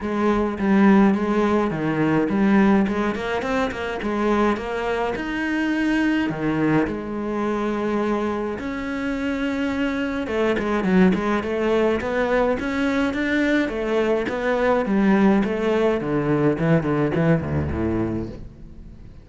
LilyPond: \new Staff \with { instrumentName = "cello" } { \time 4/4 \tempo 4 = 105 gis4 g4 gis4 dis4 | g4 gis8 ais8 c'8 ais8 gis4 | ais4 dis'2 dis4 | gis2. cis'4~ |
cis'2 a8 gis8 fis8 gis8 | a4 b4 cis'4 d'4 | a4 b4 g4 a4 | d4 e8 d8 e8 d,8 a,4 | }